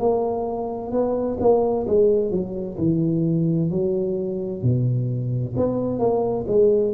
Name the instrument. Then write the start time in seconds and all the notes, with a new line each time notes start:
tuba
0.00 A#3
0.92 B3
1.41 A#3
1.88 G#3
2.32 F#3
2.78 E3
3.71 F#3
4.63 B2
5.57 B3
6.00 A#3
6.48 G#3